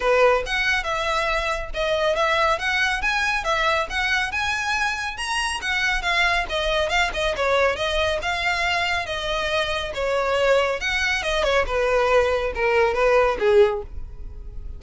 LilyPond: \new Staff \with { instrumentName = "violin" } { \time 4/4 \tempo 4 = 139 b'4 fis''4 e''2 | dis''4 e''4 fis''4 gis''4 | e''4 fis''4 gis''2 | ais''4 fis''4 f''4 dis''4 |
f''8 dis''8 cis''4 dis''4 f''4~ | f''4 dis''2 cis''4~ | cis''4 fis''4 dis''8 cis''8 b'4~ | b'4 ais'4 b'4 gis'4 | }